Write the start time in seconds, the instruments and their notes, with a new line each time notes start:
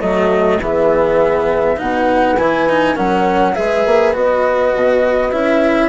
0.00 bassoon F#3, cello A3, horn F#4, flute D#5
0.60 bassoon E3, cello B3, horn G#4, flute E5
1.77 bassoon B2, cello D#4, horn B4, flute F#5
2.37 bassoon E3, cello E4, flute G#5
2.69 cello D#4
2.95 bassoon F#3, cello C#4, horn A#4, flute F#5
3.55 bassoon G#3, cello G#4, horn B4, flute E5
3.86 bassoon A#3
4.13 bassoon B3, cello F#4, flute D#5
4.74 bassoon B2
5.32 bassoon C#4, cello E4, flute E5